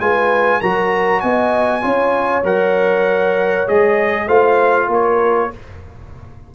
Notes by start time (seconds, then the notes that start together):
0.00 G#3 F4 B4 G#5
0.61 F#3 F#4 A#4 A#5
1.21 B3 D#5 G#5
1.82 C#4 F4 C#5
2.44 F#3 A#4 F#5
3.68 G#3 G#4 D#5
4.27 A3 F4 C5 F5
4.88 A#3 A#4 C#5